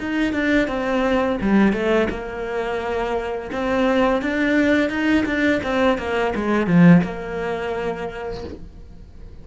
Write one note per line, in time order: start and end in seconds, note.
0.00 0.33 D#4
0.33 0.68 D4
0.68 1.39 C4
1.41 1.73 G3
1.73 2.08 A3
2.10 3.51 A#3
3.52 4.22 C4
4.22 4.90 D4
4.90 5.25 D#4
5.26 5.61 D4
5.63 5.98 C4
5.98 6.34 A#3
6.35 6.67 G#3
6.67 7.02 F3
7.03 8.44 A#3